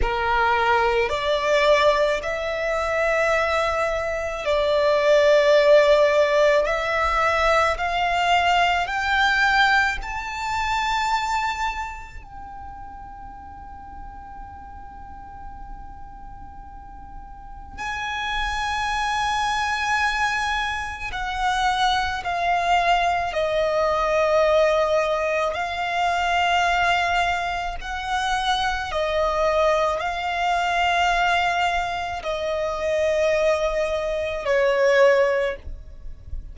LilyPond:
\new Staff \with { instrumentName = "violin" } { \time 4/4 \tempo 4 = 54 ais'4 d''4 e''2 | d''2 e''4 f''4 | g''4 a''2 g''4~ | g''1 |
gis''2. fis''4 | f''4 dis''2 f''4~ | f''4 fis''4 dis''4 f''4~ | f''4 dis''2 cis''4 | }